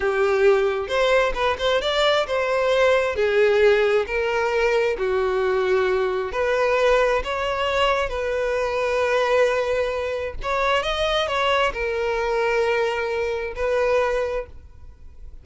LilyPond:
\new Staff \with { instrumentName = "violin" } { \time 4/4 \tempo 4 = 133 g'2 c''4 b'8 c''8 | d''4 c''2 gis'4~ | gis'4 ais'2 fis'4~ | fis'2 b'2 |
cis''2 b'2~ | b'2. cis''4 | dis''4 cis''4 ais'2~ | ais'2 b'2 | }